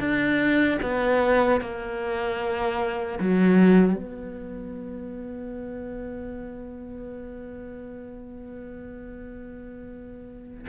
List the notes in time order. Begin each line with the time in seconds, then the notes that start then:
0.00 D4
0.83 B3
1.61 A#3
3.20 F#3
3.96 B3